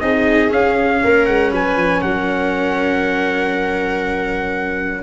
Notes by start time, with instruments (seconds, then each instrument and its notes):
0.00 tuba C4, cello D#4, viola G#4, trumpet D#5
0.49 cello C#4, tuba C#4, trumpet F5
1.03 tuba A#3, viola A#4
1.25 tuba G#3, trumpet F#5
1.51 tuba F#3, viola B4, trumpet G#5
1.76 tuba F3
2.01 tuba F#3, viola A#4, trumpet F#5